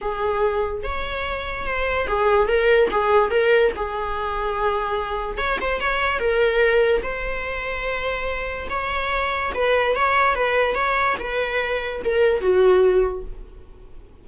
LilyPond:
\new Staff \with { instrumentName = "viola" } { \time 4/4 \tempo 4 = 145 gis'2 cis''2 | c''4 gis'4 ais'4 gis'4 | ais'4 gis'2.~ | gis'4 cis''8 c''8 cis''4 ais'4~ |
ais'4 c''2.~ | c''4 cis''2 b'4 | cis''4 b'4 cis''4 b'4~ | b'4 ais'4 fis'2 | }